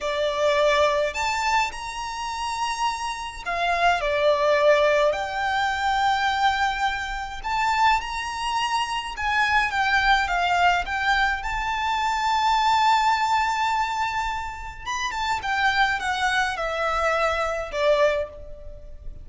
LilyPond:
\new Staff \with { instrumentName = "violin" } { \time 4/4 \tempo 4 = 105 d''2 a''4 ais''4~ | ais''2 f''4 d''4~ | d''4 g''2.~ | g''4 a''4 ais''2 |
gis''4 g''4 f''4 g''4 | a''1~ | a''2 b''8 a''8 g''4 | fis''4 e''2 d''4 | }